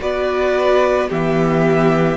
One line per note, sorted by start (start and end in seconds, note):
0.00 1.11 B3
0.00 1.09 F#4
0.00 1.09 B4
0.00 1.10 D5
1.09 2.17 E3
1.09 2.17 B3
1.09 2.17 G4
1.09 2.17 E5